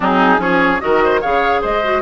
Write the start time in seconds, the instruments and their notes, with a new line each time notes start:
0.00 bassoon F#3, clarinet C4, oboe D#4, flute G#4
0.38 bassoon F3, clarinet C#4, oboe G#4, flute C#5
0.80 bassoon D#3, clarinet F#4, oboe A#4, flute D#5
1.04 oboe C5
1.20 bassoon C#3, clarinet G#4, oboe C#5, flute F5
1.61 bassoon G#3, oboe C5, flute D#5
1.83 clarinet F#4